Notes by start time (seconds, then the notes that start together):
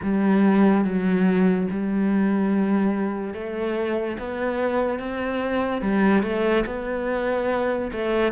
0.02 G3
0.84 F#3
1.70 G3
3.34 A3
4.18 B3
4.98 C4
5.81 G3
6.22 A3
6.66 B3
7.92 A3